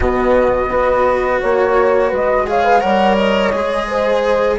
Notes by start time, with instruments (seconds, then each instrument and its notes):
0.00 bassoon B2, cello B3, horn F#4, flute D#5
0.69 bassoon B3, cello F#4, horn B4
1.40 bassoon A#3, horn C#5, flute C#5
2.08 bassoon G#3, horn B4, flute D#5
2.46 cello G#4, horn C#5, flute F5
2.64 horn B4
2.79 bassoon G3, cello A#4, horn C#5, flute F#5
3.17 flute D#5
3.52 bassoon G#3, cello G#4
3.87 horn C5